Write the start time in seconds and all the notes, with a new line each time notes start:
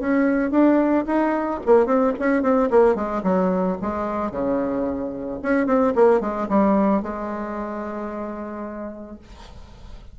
0.00 C#4
0.51 D4
1.07 D#4
1.66 A#3
1.86 C4
2.20 C#4
2.43 C4
2.71 A#3
2.96 G#3
3.24 F#3
3.82 G#3
4.32 C#3
5.43 C#4
5.67 C4
5.96 A#3
6.21 G#3
6.50 G3
7.03 G#3